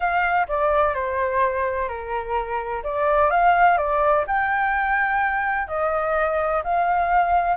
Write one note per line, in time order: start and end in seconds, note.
0.00 0.47 F5
0.48 0.94 D5
0.94 1.88 C5
1.88 2.82 A#4
2.83 3.30 D5
3.30 3.77 F5
3.77 4.24 D5
4.27 5.67 G5
5.67 6.62 D#5
6.63 7.56 F5